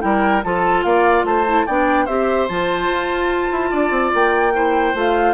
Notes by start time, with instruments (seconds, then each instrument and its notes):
0.00 bassoon G3, clarinet E4, oboe A#4, flute G5
0.44 bassoon F3, clarinet F4, oboe A4, flute A5
0.83 bassoon A#3, oboe D5, flute F5
1.24 bassoon A3, oboe C5, flute A5
1.46 clarinet E4
1.66 bassoon B3, clarinet D4, oboe D5, flute G5
2.05 bassoon C4, clarinet G4, oboe C5, flute E5
2.48 bassoon F3, clarinet F4, flute A5
2.88 bassoon F4
3.52 bassoon E4
3.71 bassoon D4, oboe D5
3.90 bassoon C4
4.14 bassoon A#3, flute G5
4.54 clarinet E4, oboe C5
4.94 bassoon A3, clarinet F4, flute F5